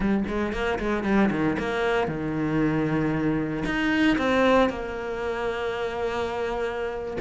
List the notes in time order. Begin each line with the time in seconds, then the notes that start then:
0.00 G3
0.27 G#3
0.52 A#3
0.79 G#3
1.03 G3
1.30 D#3
1.58 A#3
2.07 D#3
3.65 D#4
4.18 C4
4.69 A#3